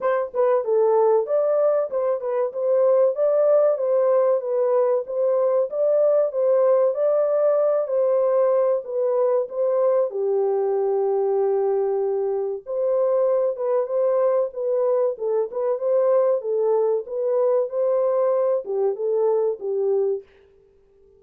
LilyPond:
\new Staff \with { instrumentName = "horn" } { \time 4/4 \tempo 4 = 95 c''8 b'8 a'4 d''4 c''8 b'8 | c''4 d''4 c''4 b'4 | c''4 d''4 c''4 d''4~ | d''8 c''4. b'4 c''4 |
g'1 | c''4. b'8 c''4 b'4 | a'8 b'8 c''4 a'4 b'4 | c''4. g'8 a'4 g'4 | }